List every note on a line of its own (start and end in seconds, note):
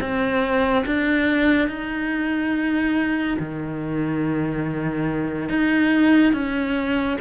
0.00 0.85 C4
0.85 1.68 D4
1.68 3.37 D#4
3.39 5.49 D#3
5.49 6.33 D#4
6.33 7.17 C#4